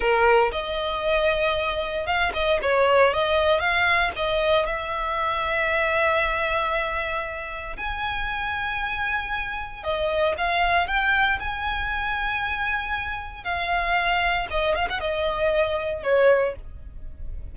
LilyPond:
\new Staff \with { instrumentName = "violin" } { \time 4/4 \tempo 4 = 116 ais'4 dis''2. | f''8 dis''8 cis''4 dis''4 f''4 | dis''4 e''2.~ | e''2. gis''4~ |
gis''2. dis''4 | f''4 g''4 gis''2~ | gis''2 f''2 | dis''8 f''16 fis''16 dis''2 cis''4 | }